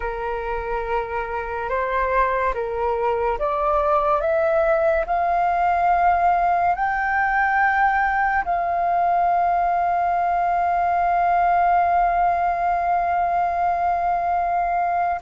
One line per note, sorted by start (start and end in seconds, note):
0.00 1.69 A#4
1.69 2.53 C5
2.54 3.38 A#4
3.38 4.20 D5
4.20 5.05 E5
5.06 6.75 F5
6.75 8.44 G5
8.44 15.20 F5